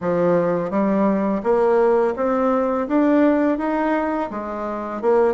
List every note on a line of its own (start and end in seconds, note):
0.00 0.70 F3
0.70 1.42 G3
1.43 2.14 A#3
2.16 2.87 C4
2.87 3.58 D4
3.58 4.29 D#4
4.30 5.01 G#3
5.01 5.34 A#3